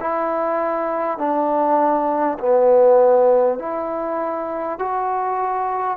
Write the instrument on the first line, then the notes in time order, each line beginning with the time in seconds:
trombone
0.00 E4
1.18 D4
2.39 B3
3.59 E4
4.79 F#4